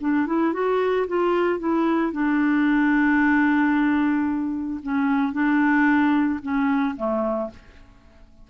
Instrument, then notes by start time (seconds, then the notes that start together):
clarinet
0.00 D4
0.26 E4
0.53 F#4
1.07 F4
1.59 E4
2.12 D4
4.82 C#4
5.32 D4
6.42 C#4
6.96 A3